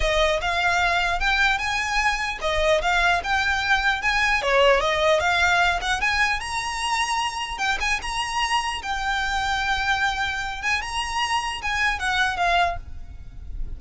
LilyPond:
\new Staff \with { instrumentName = "violin" } { \time 4/4 \tempo 4 = 150 dis''4 f''2 g''4 | gis''2 dis''4 f''4 | g''2 gis''4 cis''4 | dis''4 f''4. fis''8 gis''4 |
ais''2. g''8 gis''8 | ais''2 g''2~ | g''2~ g''8 gis''8 ais''4~ | ais''4 gis''4 fis''4 f''4 | }